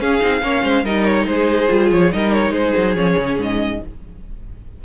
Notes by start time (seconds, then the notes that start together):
0.00 C#4 G#4 F5
0.21 C4 D#4
0.42 A#3 C#4 C#5
0.63 G#3 C5
0.84 G3 D#4 A#4 D#5
1.05 C#5
1.27 G#3 G#4 C5
1.68 G3 F4
1.91 F3 C#5
2.13 G3 D#4 A#4 D#5
2.33 C#5
2.51 G#3 G#4 C5
2.78 F#3
2.96 F3 C#4 C#5
3.18 C#3
3.37 G#2 D#5